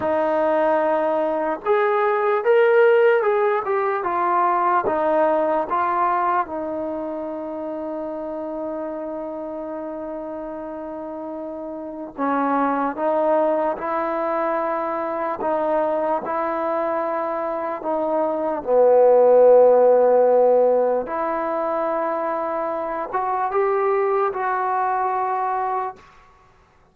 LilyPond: \new Staff \with { instrumentName = "trombone" } { \time 4/4 \tempo 4 = 74 dis'2 gis'4 ais'4 | gis'8 g'8 f'4 dis'4 f'4 | dis'1~ | dis'2. cis'4 |
dis'4 e'2 dis'4 | e'2 dis'4 b4~ | b2 e'2~ | e'8 fis'8 g'4 fis'2 | }